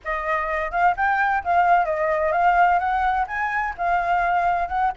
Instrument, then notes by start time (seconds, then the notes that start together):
flute
0.04 D#5
0.71 F5
0.96 G5
1.43 F5
1.85 D#5
2.32 F5
2.79 F#5
3.27 G#5
3.77 F5
4.68 F#5